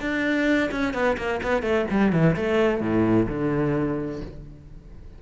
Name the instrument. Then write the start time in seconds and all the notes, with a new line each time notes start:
cello
0.00 D4
0.71 C#4
0.93 B3
1.17 A#3
1.43 B3
1.62 A3
1.90 G3
2.12 E3
2.36 A3
2.81 A2
3.28 D3